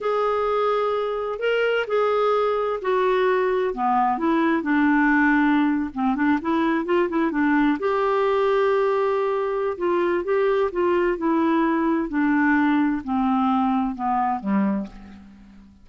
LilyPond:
\new Staff \with { instrumentName = "clarinet" } { \time 4/4 \tempo 4 = 129 gis'2. ais'4 | gis'2 fis'2 | b4 e'4 d'2~ | d'8. c'8 d'8 e'4 f'8 e'8 d'16~ |
d'8. g'2.~ g'16~ | g'4 f'4 g'4 f'4 | e'2 d'2 | c'2 b4 g4 | }